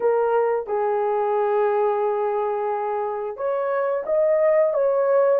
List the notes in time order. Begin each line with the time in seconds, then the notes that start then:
0.00 A#4
0.66 G#4
3.36 C#5
4.06 D#5
4.73 C#5